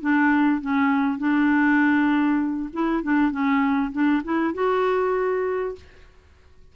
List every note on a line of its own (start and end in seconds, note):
0.00 0.61 D4
0.61 1.18 C#4
1.18 2.69 D4
2.72 3.02 E4
3.02 3.31 D4
3.31 3.91 C#4
3.92 4.22 D4
4.23 4.54 E4
4.54 5.75 F#4